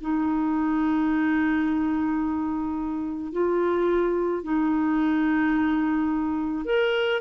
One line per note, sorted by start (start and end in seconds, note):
0.00 3.32 D#4
3.32 4.43 F4
4.43 6.65 D#4
6.65 7.20 A#4